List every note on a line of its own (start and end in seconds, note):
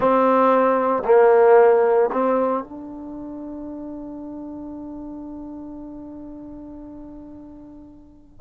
0.00 1.02 C4
1.04 2.10 A#3
2.12 2.63 C4
2.63 8.41 D4